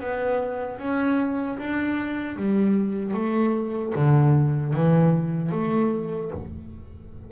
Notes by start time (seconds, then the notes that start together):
0.00 B3
0.79 C#4
1.58 D4
2.36 G3
3.14 A3
3.95 D3
4.73 E3
5.52 A3